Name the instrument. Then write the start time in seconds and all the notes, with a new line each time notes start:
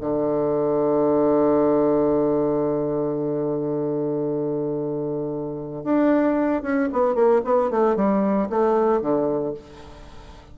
bassoon
0.00 D3
5.84 D4
6.62 C#4
6.92 B3
7.15 A#3
7.44 B3
7.70 A3
7.96 G3
8.49 A3
9.01 D3